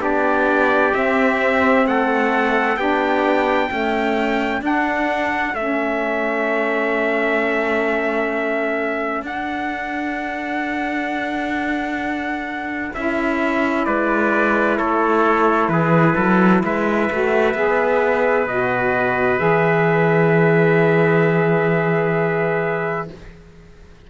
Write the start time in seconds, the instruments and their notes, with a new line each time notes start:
0.00 cello B3, saxophone D4, trumpet G4 D5
0.93 saxophone C4, cello C4, trumpet E5
1.87 cello A3, trumpet A4 F#5
2.77 cello B3, saxophone D4, trumpet G4 G5
3.69 saxophone A3, cello C#4, trumpet A4
4.61 saxophone D4, cello D4, trumpet F#5
5.54 cello A3, saxophone C#4, trumpet E5
9.22 cello D4, saxophone D4, trumpet F#5
12.95 cello C#4, saxophone E4, trumpet E5
13.85 cello G#3, trumpet B4 D5
14.78 cello A3, trumpet A4 C#5
15.68 cello E3, trumpet G#4 B4
16.15 cello F#3, trumpet A4
16.64 cello G#3, trumpet B4 E5
17.11 cello A3, saxophone F#4
17.55 cello B3, saxophone G#4
18.47 cello B2, saxophone F#4, trumpet D#5
19.39 cello E3, saxophone G#4, trumpet E5